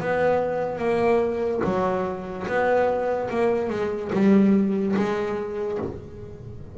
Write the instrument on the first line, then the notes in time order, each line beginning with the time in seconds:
double bass
0.00 B3
0.78 A#3
1.64 F#3
2.47 B3
3.30 A#3
3.69 G#3
4.12 G3
4.96 G#3